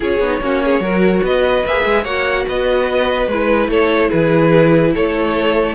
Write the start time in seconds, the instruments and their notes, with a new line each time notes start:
0.00 cello C#4, viola F4, violin G#4 C#5
0.19 cello B3, viola D#4
0.40 cello A#3, viola C#4, violin F#4
0.64 violin G#4
0.79 cello F#3, viola F#4, violin A#4
1.23 cello B3, violin B4 D#5
1.65 cello A#3, viola G#4, violin E5
1.84 cello G#3
2.02 cello A#3, viola F#4, violin C#5 F#5
2.48 cello B3, violin B4 D#5
3.27 cello G#3, viola E4, violin B4
3.68 cello A3, violin A4 C#5
4.09 cello E3, violin G#4 B4
4.93 cello A3, violin A4 C#5